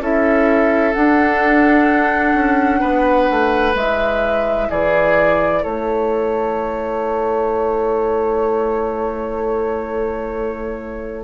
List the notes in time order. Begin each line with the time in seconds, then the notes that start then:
0.00 C#4 E4 A4 E5
0.93 D4 F#5
2.35 C#4
2.80 B3 B4
3.30 A3
3.74 G#3 E4 E5
4.70 E3 G#4 D5
5.63 A3 A4 C#5